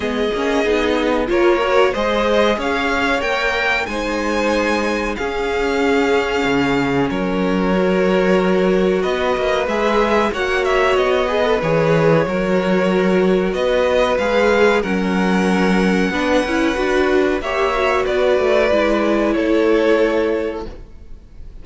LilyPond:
<<
  \new Staff \with { instrumentName = "violin" } { \time 4/4 \tempo 4 = 93 dis''2 cis''4 dis''4 | f''4 g''4 gis''2 | f''2. cis''4~ | cis''2 dis''4 e''4 |
fis''8 e''8 dis''4 cis''2~ | cis''4 dis''4 f''4 fis''4~ | fis''2. e''4 | d''2 cis''2 | }
  \new Staff \with { instrumentName = "violin" } { \time 4/4 gis'2 ais'4 c''4 | cis''2 c''2 | gis'2. ais'4~ | ais'2 b'2 |
cis''4. b'4. ais'4~ | ais'4 b'2 ais'4~ | ais'4 b'2 cis''4 | b'2 a'2 | }
  \new Staff \with { instrumentName = "viola" } { \time 4/4 b8 cis'8 dis'4 f'8 fis'8 gis'4~ | gis'4 ais'4 dis'2 | cis'1 | fis'2. gis'4 |
fis'4. gis'16 a'16 gis'4 fis'4~ | fis'2 gis'4 cis'4~ | cis'4 d'8 e'8 fis'4 g'8 fis'8~ | fis'4 e'2. | }
  \new Staff \with { instrumentName = "cello" } { \time 4/4 gis8 ais8 b4 ais4 gis4 | cis'4 ais4 gis2 | cis'2 cis4 fis4~ | fis2 b8 ais8 gis4 |
ais4 b4 e4 fis4~ | fis4 b4 gis4 fis4~ | fis4 b8 cis'8 d'4 ais4 | b8 a8 gis4 a2 | }
>>